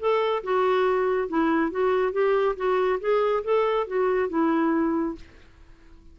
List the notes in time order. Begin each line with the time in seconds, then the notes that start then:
0.00 A4
0.44 F#4
1.29 E4
1.71 F#4
2.12 G4
2.56 F#4
3.00 G#4
3.44 A4
3.87 F#4
4.29 E4